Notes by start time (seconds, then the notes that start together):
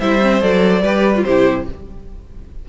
0.00 G3 E4 C5 E5
0.21 C4
0.41 F#3 A4 D5
0.82 G3 G4 B4
1.16 F4
1.23 C3 E4 G4 C5